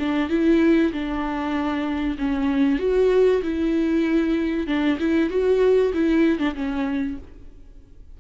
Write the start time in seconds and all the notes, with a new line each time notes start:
0.00 D4
0.30 E4
0.93 D4
2.18 C#4
2.80 F#4
3.43 E4
4.67 D4
5.00 E4
5.30 F#4
5.94 E4
6.39 D4
6.55 C#4